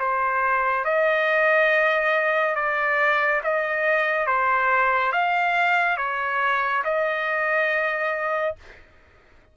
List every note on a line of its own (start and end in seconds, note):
0.00 0.85 C5
0.85 2.56 D#5
2.56 3.42 D5
3.44 4.27 D#5
4.27 5.13 C5
5.13 5.98 F5
5.98 6.83 C#5
6.85 8.56 D#5